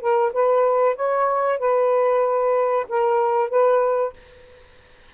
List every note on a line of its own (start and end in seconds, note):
0.00 0.32 A#4
0.33 0.95 B4
0.95 1.58 C#5
1.58 2.86 B4
2.88 3.49 A#4
3.49 4.13 B4